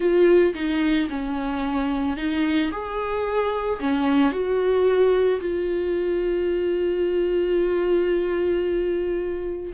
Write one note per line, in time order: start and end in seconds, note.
0.00 0.53 F4
0.54 1.08 D#4
1.09 2.16 C#4
2.16 2.71 D#4
2.71 3.79 G#4
3.80 4.32 C#4
4.32 5.40 F#4
5.40 9.72 F4